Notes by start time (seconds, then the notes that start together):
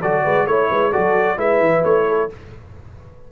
0.00 F#3 F#4 A4 D5
0.23 G#3 B4
0.46 A3 E4 C#5
0.70 G#3 B4
0.91 F#3 F#4 A4 D5
1.37 G#3 E4 B4 E5
1.60 E3
1.84 A3 C#5
2.08 A4